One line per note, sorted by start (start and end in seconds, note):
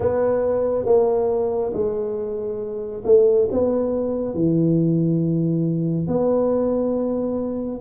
0.00 0.85 B3
0.85 1.72 A#3
1.73 3.03 G#3
3.04 3.48 A3
3.51 4.34 B3
4.34 6.07 E3
6.07 7.81 B3